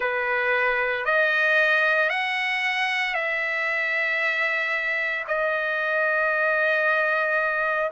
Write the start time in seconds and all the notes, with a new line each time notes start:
0.00 B4
1.05 D#5
2.09 F#5
3.14 E5
5.27 D#5